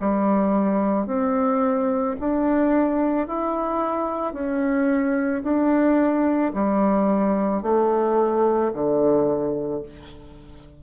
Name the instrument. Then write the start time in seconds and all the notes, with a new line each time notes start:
bassoon
0.00 G3
1.07 C4
2.20 D4
3.27 E4
4.33 C#4
5.43 D4
6.54 G3
7.63 A3
8.73 D3